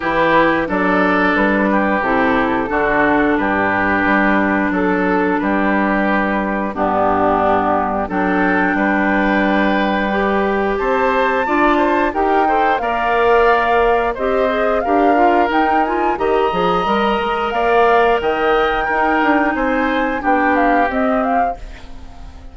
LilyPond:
<<
  \new Staff \with { instrumentName = "flute" } { \time 4/4 \tempo 4 = 89 b'4 d''4 b'4 a'4~ | a'4 b'2 a'4 | b'2 g'2 | g''1 |
a''2 g''4 f''4~ | f''4 dis''4 f''4 g''8 gis''8 | ais''2 f''4 g''4~ | g''4 gis''4 g''8 f''8 dis''8 f''8 | }
  \new Staff \with { instrumentName = "oboe" } { \time 4/4 g'4 a'4. g'4. | fis'4 g'2 a'4 | g'2 d'2 | a'4 b'2. |
c''4 d''8 c''8 ais'8 c''8 d''4~ | d''4 c''4 ais'2 | dis''2 d''4 dis''4 | ais'4 c''4 g'2 | }
  \new Staff \with { instrumentName = "clarinet" } { \time 4/4 e'4 d'2 e'4 | d'1~ | d'2 b2 | d'2. g'4~ |
g'4 f'4 g'8 a'8 ais'4~ | ais'4 g'8 gis'8 g'8 f'8 dis'8 f'8 | g'8 gis'8 ais'2. | dis'2 d'4 c'4 | }
  \new Staff \with { instrumentName = "bassoon" } { \time 4/4 e4 fis4 g4 c4 | d4 g,4 g4 fis4 | g2 g,2 | fis4 g2. |
c'4 d'4 dis'4 ais4~ | ais4 c'4 d'4 dis'4 | dis8 f8 g8 gis8 ais4 dis4 | dis'8 d'8 c'4 b4 c'4 | }
>>